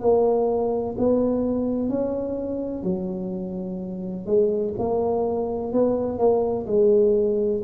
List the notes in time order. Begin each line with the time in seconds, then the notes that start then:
0.00 A#3
0.98 B3
1.89 C#4
2.83 F#3
4.26 G#3
4.78 A#3
5.72 B3
6.18 A#3
6.66 G#3